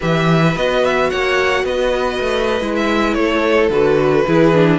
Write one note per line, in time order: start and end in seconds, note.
0.00 0.56 E3
0.00 0.56 G4
0.00 1.09 B4
0.00 0.57 E5
0.56 1.11 B3
0.56 2.61 F#4
0.56 0.84 D#5
0.84 1.10 E5
1.09 1.63 A#3
1.09 1.64 C#5
1.09 1.65 F#5
1.63 2.18 B3
1.63 3.16 B4
1.63 2.75 D#5
2.20 2.61 A3
2.61 3.16 G#3
2.61 3.71 E4
2.76 3.14 E5
3.14 3.69 A3
3.14 4.27 A4
3.14 3.69 C#5
3.69 4.24 D3
3.69 4.26 F#4
3.69 4.78 B4
4.27 4.78 E3
4.27 4.53 E4
4.27 4.78 G#4
4.53 4.78 D4